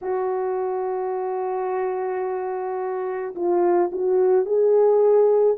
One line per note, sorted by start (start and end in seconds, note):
0.01 3.34 F#4
3.35 3.90 F4
3.91 4.45 F#4
4.45 5.56 G#4